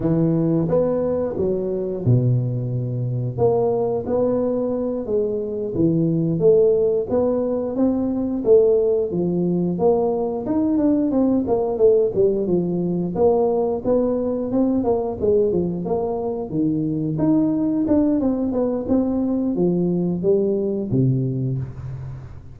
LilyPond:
\new Staff \with { instrumentName = "tuba" } { \time 4/4 \tempo 4 = 89 e4 b4 fis4 b,4~ | b,4 ais4 b4. gis8~ | gis8 e4 a4 b4 c'8~ | c'8 a4 f4 ais4 dis'8 |
d'8 c'8 ais8 a8 g8 f4 ais8~ | ais8 b4 c'8 ais8 gis8 f8 ais8~ | ais8 dis4 dis'4 d'8 c'8 b8 | c'4 f4 g4 c4 | }